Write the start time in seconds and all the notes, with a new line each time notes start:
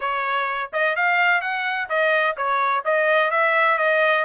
0.00 C#5
0.72 D#5
0.96 F5
1.41 F#5
1.89 D#5
2.36 C#5
2.85 D#5
3.30 E5
3.78 D#5